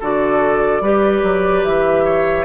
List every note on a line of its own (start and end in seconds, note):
0.00 0.81 D3
0.00 0.83 F#4
0.00 0.82 A4
0.00 1.65 D5
0.81 1.22 G3
0.81 2.45 G4
0.81 2.05 B4
1.23 1.64 F#3
1.65 2.45 E3
1.65 2.45 E5
2.05 2.45 C#5